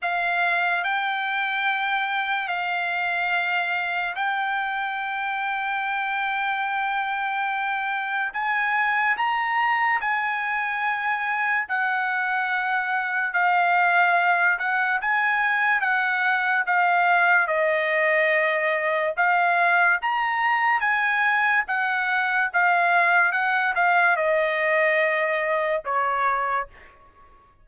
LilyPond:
\new Staff \with { instrumentName = "trumpet" } { \time 4/4 \tempo 4 = 72 f''4 g''2 f''4~ | f''4 g''2.~ | g''2 gis''4 ais''4 | gis''2 fis''2 |
f''4. fis''8 gis''4 fis''4 | f''4 dis''2 f''4 | ais''4 gis''4 fis''4 f''4 | fis''8 f''8 dis''2 cis''4 | }